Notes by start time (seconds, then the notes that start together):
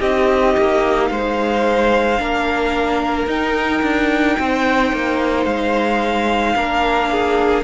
0.00 C4 D#4 G4 D#5
0.58 A#3
1.07 G#3 C5 F5
2.18 A#3 D4 A#4
3.27 D#4 G5
3.82 D4
4.40 C4 C5
4.93 A#3
5.46 G#3 F5
6.55 A#3 D4 A#4
7.11 G#4